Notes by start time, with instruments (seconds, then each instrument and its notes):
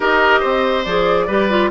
0.00 bassoon D#4, clarinet G4, oboe A#4, flute D#5
0.40 bassoon C4, oboe C5
0.84 bassoon F3, clarinet G#4, flute D5
1.27 bassoon G3, clarinet G4, oboe B4
1.49 clarinet F4